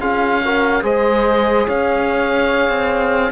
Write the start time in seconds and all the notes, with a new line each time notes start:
0.00 C#4 F4 G#4 F5
0.45 F#4 A#4
0.83 G#3 G#4 C5 D#5
1.67 C#4 C#5 F5
2.69 C4